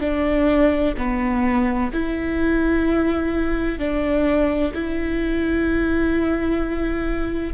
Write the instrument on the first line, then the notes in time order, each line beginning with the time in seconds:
viola
0.00 D4
0.97 B3
1.93 E4
3.78 D4
4.74 E4